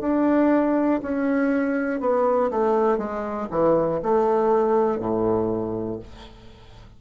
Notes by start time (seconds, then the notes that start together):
0.00 D4
1.02 C#4
2.00 B3
2.50 A3
2.98 G#3
3.50 E3
4.02 A3
4.99 A2